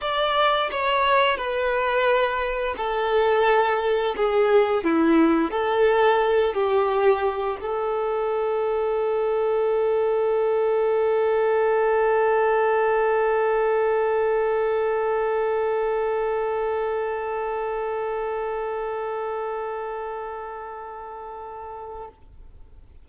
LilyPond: \new Staff \with { instrumentName = "violin" } { \time 4/4 \tempo 4 = 87 d''4 cis''4 b'2 | a'2 gis'4 e'4 | a'4. g'4. a'4~ | a'1~ |
a'1~ | a'1~ | a'1~ | a'1 | }